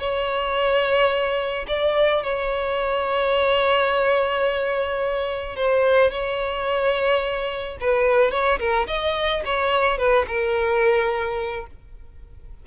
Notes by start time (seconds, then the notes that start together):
0.00 C#5
1.68 D5
2.23 C#5
5.57 C5
6.11 C#5
7.81 B4
8.32 C#5
8.60 A#4
8.88 D#5
9.46 C#5
9.98 B4
10.28 A#4